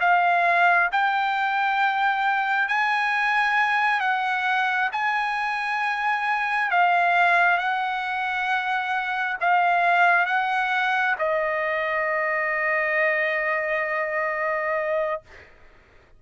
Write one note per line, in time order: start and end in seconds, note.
0.00 0.90 F5
0.92 2.68 G5
2.68 4.00 G#5
4.00 4.90 F#5
4.92 6.70 G#5
6.70 7.58 F5
7.58 9.37 F#5
9.40 10.25 F5
10.25 11.15 F#5
11.18 15.21 D#5